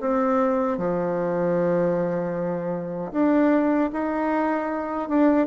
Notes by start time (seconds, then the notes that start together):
0.00 C4
0.78 F3
3.12 D4
3.92 D#4
5.09 D4